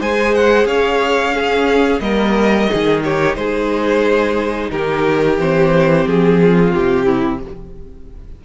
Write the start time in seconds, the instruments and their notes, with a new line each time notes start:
0.00 cello G#3, viola G#4, violin C5 G#5
0.35 violin F#5
0.65 cello C#4, violin C#5 F5
1.32 viola C#4, violin G#4
2.00 cello G3, viola A#3, violin A#4 D#5
2.70 cello D#3, viola D#4, violin G#4
3.04 violin G4 C#5
3.35 cello G#3, violin G#4 C5
4.71 cello D#3, violin G4 A#4
5.38 cello E3, viola C4, violin C5
6.07 cello F3, violin G#4
6.42 violin F4
6.74 cello C3, violin G4
7.06 violin E4